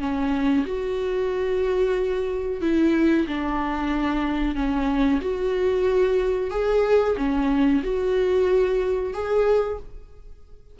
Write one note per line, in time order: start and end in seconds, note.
0.00 0.65 C#4
0.66 2.62 F#4
2.62 3.27 E4
3.28 4.56 D4
4.56 5.21 C#4
5.21 6.51 F#4
6.51 7.16 G#4
7.17 7.83 C#4
7.84 9.14 F#4
9.14 9.79 G#4